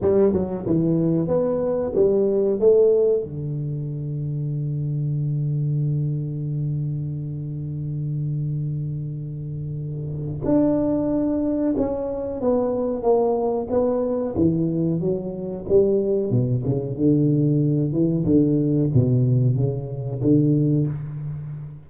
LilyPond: \new Staff \with { instrumentName = "tuba" } { \time 4/4 \tempo 4 = 92 g8 fis8 e4 b4 g4 | a4 d2.~ | d1~ | d1 |
d'2 cis'4 b4 | ais4 b4 e4 fis4 | g4 b,8 cis8 d4. e8 | d4 b,4 cis4 d4 | }